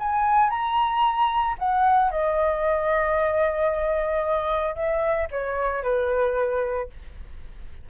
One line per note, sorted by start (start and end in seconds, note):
0.00 0.50 G#5
0.50 1.57 A#5
1.59 2.12 F#5
2.12 4.75 D#5
4.75 5.29 E5
5.31 5.84 C#5
5.84 6.90 B4